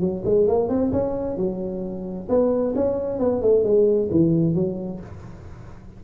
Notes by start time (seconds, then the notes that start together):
0.00 F#3
0.25 G#3
0.47 A#3
0.69 C4
0.92 C#4
1.37 F#3
2.29 B3
2.75 C#4
3.19 B3
3.41 A3
3.63 G#3
4.11 E3
4.54 F#3